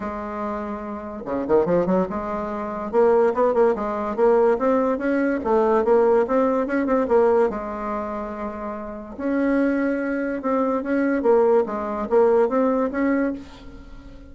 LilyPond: \new Staff \with { instrumentName = "bassoon" } { \time 4/4 \tempo 4 = 144 gis2. cis8 dis8 | f8 fis8 gis2 ais4 | b8 ais8 gis4 ais4 c'4 | cis'4 a4 ais4 c'4 |
cis'8 c'8 ais4 gis2~ | gis2 cis'2~ | cis'4 c'4 cis'4 ais4 | gis4 ais4 c'4 cis'4 | }